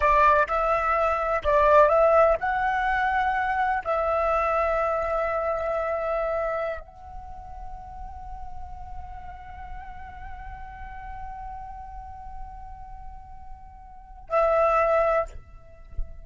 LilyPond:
\new Staff \with { instrumentName = "flute" } { \time 4/4 \tempo 4 = 126 d''4 e''2 d''4 | e''4 fis''2. | e''1~ | e''2~ e''16 fis''4.~ fis''16~ |
fis''1~ | fis''1~ | fis''1~ | fis''2 e''2 | }